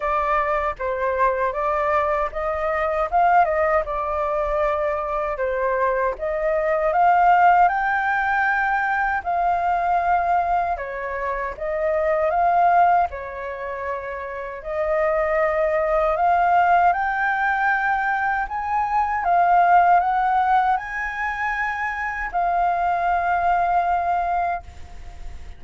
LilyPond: \new Staff \with { instrumentName = "flute" } { \time 4/4 \tempo 4 = 78 d''4 c''4 d''4 dis''4 | f''8 dis''8 d''2 c''4 | dis''4 f''4 g''2 | f''2 cis''4 dis''4 |
f''4 cis''2 dis''4~ | dis''4 f''4 g''2 | gis''4 f''4 fis''4 gis''4~ | gis''4 f''2. | }